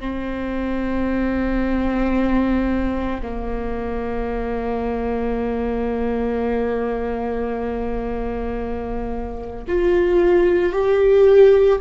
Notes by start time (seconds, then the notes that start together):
0.00 C4
3.22 A#3
9.68 F4
10.73 G4